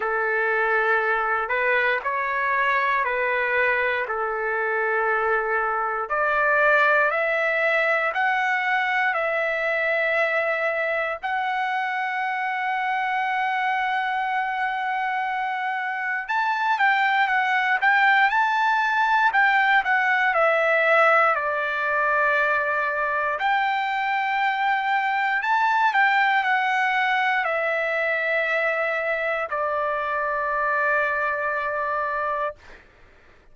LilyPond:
\new Staff \with { instrumentName = "trumpet" } { \time 4/4 \tempo 4 = 59 a'4. b'8 cis''4 b'4 | a'2 d''4 e''4 | fis''4 e''2 fis''4~ | fis''1 |
a''8 g''8 fis''8 g''8 a''4 g''8 fis''8 | e''4 d''2 g''4~ | g''4 a''8 g''8 fis''4 e''4~ | e''4 d''2. | }